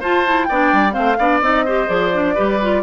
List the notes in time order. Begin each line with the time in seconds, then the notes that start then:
0.00 F4 C5 A5
0.26 E4
0.45 B3 D5 G5
0.52 D4
0.72 G3
0.92 C4 C5 F5
0.98 A3
1.19 B3 D4 D5
1.41 C4 D#4 D#5
1.66 G4 C5
1.87 F3 G#4 D5
2.13 D4
2.35 G3 G4 B4
2.62 F4